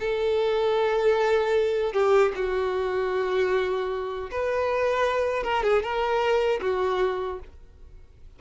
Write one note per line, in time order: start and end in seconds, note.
0.00 1.93 A4
1.93 2.32 G4
2.36 4.30 F#4
4.31 5.44 B4
5.44 5.63 A#4
5.64 5.83 G#4
5.83 6.61 A#4
6.62 7.40 F#4